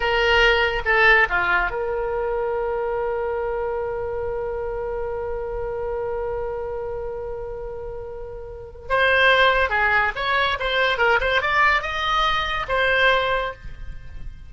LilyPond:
\new Staff \with { instrumentName = "oboe" } { \time 4/4 \tempo 4 = 142 ais'2 a'4 f'4 | ais'1~ | ais'1~ | ais'1~ |
ais'1~ | ais'4 c''2 gis'4 | cis''4 c''4 ais'8 c''8 d''4 | dis''2 c''2 | }